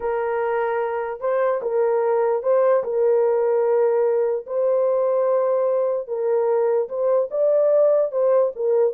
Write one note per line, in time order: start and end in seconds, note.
0.00 1.20 A#4
1.20 1.60 C5
1.62 2.42 A#4
2.42 2.83 C5
2.83 4.45 A#4
4.46 6.07 C5
6.07 6.88 A#4
6.88 7.29 C5
7.30 8.11 D5
8.11 8.52 C5
8.55 8.93 A#4